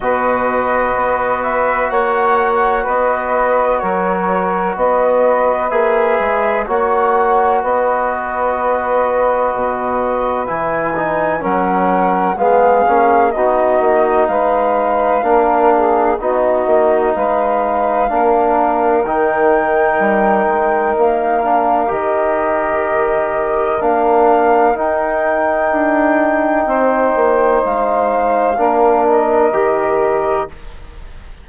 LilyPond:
<<
  \new Staff \with { instrumentName = "flute" } { \time 4/4 \tempo 4 = 63 dis''4. e''8 fis''4 dis''4 | cis''4 dis''4 e''4 fis''4 | dis''2. gis''4 | fis''4 f''4 dis''4 f''4~ |
f''4 dis''4 f''2 | g''2 f''4 dis''4~ | dis''4 f''4 g''2~ | g''4 f''4. dis''4. | }
  \new Staff \with { instrumentName = "saxophone" } { \time 4/4 b'2 cis''4 b'4 | ais'4 b'2 cis''4 | b'1 | ais'4 gis'4 fis'4 b'4 |
ais'8 gis'8 fis'4 b'4 ais'4~ | ais'1~ | ais'1 | c''2 ais'2 | }
  \new Staff \with { instrumentName = "trombone" } { \time 4/4 fis'1~ | fis'2 gis'4 fis'4~ | fis'2. e'8 dis'8 | cis'4 b8 cis'8 dis'2 |
d'4 dis'2 d'4 | dis'2~ dis'8 d'8 g'4~ | g'4 d'4 dis'2~ | dis'2 d'4 g'4 | }
  \new Staff \with { instrumentName = "bassoon" } { \time 4/4 b,4 b4 ais4 b4 | fis4 b4 ais8 gis8 ais4 | b2 b,4 e4 | fis4 gis8 ais8 b8 ais8 gis4 |
ais4 b8 ais8 gis4 ais4 | dis4 g8 gis8 ais4 dis4~ | dis4 ais4 dis'4 d'4 | c'8 ais8 gis4 ais4 dis4 | }
>>